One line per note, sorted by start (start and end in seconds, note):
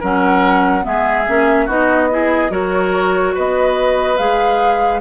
0.00 0.86 F#3
0.00 0.82 C#4
0.00 0.83 A#4
0.00 0.85 F#5
0.82 1.27 G#3
0.82 1.24 B3
0.82 1.66 G#4
0.82 1.68 E5
1.28 1.68 A#3
1.28 1.68 C#4
1.66 2.50 B3
1.66 2.10 D#4
1.66 2.08 F#4
1.66 2.52 D#5
2.11 2.50 E4
2.11 2.52 G#4
2.50 3.34 F#3
2.50 4.16 F#4
2.50 3.35 A#4
2.50 3.35 C#5
3.35 4.19 B3
3.35 5.01 B4
3.35 4.17 D#5
4.17 5.01 G#3
4.17 5.01 G#4
4.17 5.01 F5